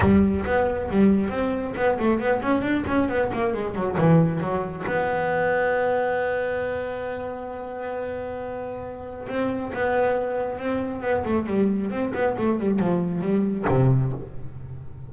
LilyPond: \new Staff \with { instrumentName = "double bass" } { \time 4/4 \tempo 4 = 136 g4 b4 g4 c'4 | b8 a8 b8 cis'8 d'8 cis'8 b8 ais8 | gis8 fis8 e4 fis4 b4~ | b1~ |
b1~ | b4 c'4 b2 | c'4 b8 a8 g4 c'8 b8 | a8 g8 f4 g4 c4 | }